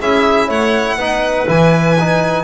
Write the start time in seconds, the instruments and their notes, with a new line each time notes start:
0.00 double bass C#4, trombone E4, clarinet G#4, violin E5
0.47 double bass A3, clarinet C#5, violin F#5
0.96 double bass B3, trombone D#4, clarinet B4
1.47 double bass E3, trombone E4, violin G#5
2.00 trombone D#4